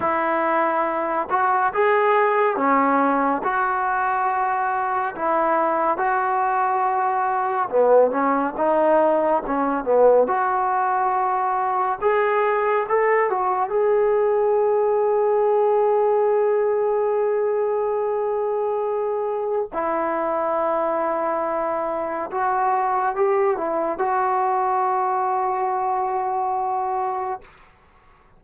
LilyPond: \new Staff \with { instrumentName = "trombone" } { \time 4/4 \tempo 4 = 70 e'4. fis'8 gis'4 cis'4 | fis'2 e'4 fis'4~ | fis'4 b8 cis'8 dis'4 cis'8 b8 | fis'2 gis'4 a'8 fis'8 |
gis'1~ | gis'2. e'4~ | e'2 fis'4 g'8 e'8 | fis'1 | }